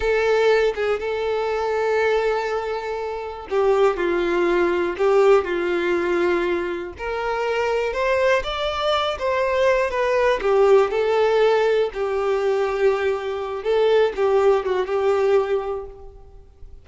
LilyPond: \new Staff \with { instrumentName = "violin" } { \time 4/4 \tempo 4 = 121 a'4. gis'8 a'2~ | a'2. g'4 | f'2 g'4 f'4~ | f'2 ais'2 |
c''4 d''4. c''4. | b'4 g'4 a'2 | g'2.~ g'8 a'8~ | a'8 g'4 fis'8 g'2 | }